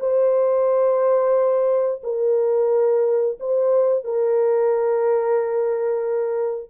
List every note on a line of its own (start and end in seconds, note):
0.00 2.02 C5
2.04 3.39 A#4
3.40 4.04 C5
4.04 6.70 A#4